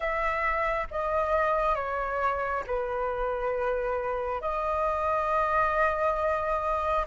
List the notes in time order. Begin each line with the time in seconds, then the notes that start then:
0.00 E5
0.90 D#5
1.75 C#5
2.66 B4
4.41 D#5